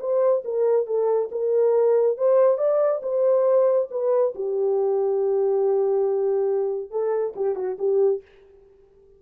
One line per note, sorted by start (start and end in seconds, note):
0.00 0.43 C5
0.45 0.87 A#4
0.87 1.30 A4
1.31 2.18 A#4
2.18 2.58 C5
2.58 3.01 D5
3.03 3.89 C5
3.91 4.34 B4
4.35 6.91 G4
6.91 7.34 A4
7.36 7.56 G4
7.56 7.77 F#4
7.79 8.22 G4